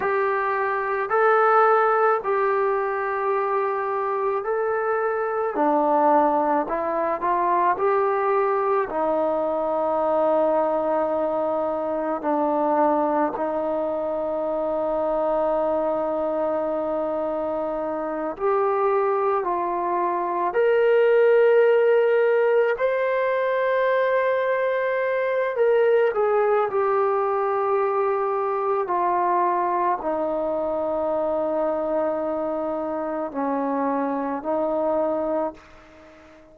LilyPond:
\new Staff \with { instrumentName = "trombone" } { \time 4/4 \tempo 4 = 54 g'4 a'4 g'2 | a'4 d'4 e'8 f'8 g'4 | dis'2. d'4 | dis'1~ |
dis'8 g'4 f'4 ais'4.~ | ais'8 c''2~ c''8 ais'8 gis'8 | g'2 f'4 dis'4~ | dis'2 cis'4 dis'4 | }